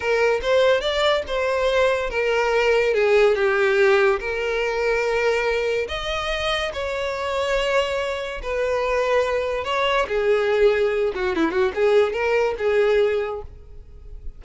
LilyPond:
\new Staff \with { instrumentName = "violin" } { \time 4/4 \tempo 4 = 143 ais'4 c''4 d''4 c''4~ | c''4 ais'2 gis'4 | g'2 ais'2~ | ais'2 dis''2 |
cis''1 | b'2. cis''4 | gis'2~ gis'8 fis'8 e'8 fis'8 | gis'4 ais'4 gis'2 | }